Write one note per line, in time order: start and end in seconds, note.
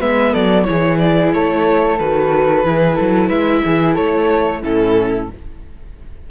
0.00 0.34 G#3
0.00 0.65 B3
0.00 0.33 B4
0.00 0.34 E5
0.33 0.68 F#3
0.33 0.66 A4
0.33 0.65 D5
0.65 1.34 E3
0.65 1.97 E4
0.65 1.34 G#4
0.65 0.98 C#5
0.98 1.31 D5
1.34 2.00 A3
1.34 2.66 A4
1.34 1.99 C#5
1.99 2.65 D#3
1.99 2.65 F#4
1.99 3.29 B4
2.65 2.98 E3
2.65 4.62 E4
2.65 2.96 G#4
2.96 3.30 F#3
2.96 3.28 A4
3.28 3.63 G#3
3.28 3.61 B4
3.28 3.95 E5
3.64 3.98 E3
3.64 3.95 G#4
3.95 4.64 A3
3.95 4.61 A4
3.95 4.61 C#5
4.61 5.30 A2
4.61 5.28 C#4
4.61 5.27 E4
4.61 5.31 A4